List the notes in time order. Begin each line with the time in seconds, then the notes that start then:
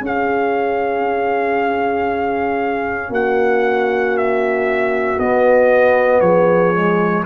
0.00 C#4 G#4 F5
3.09 A#3 F#4 F#5
4.17 E5
5.19 B3 D#5
6.20 F3 G#4 C#5
6.74 G#3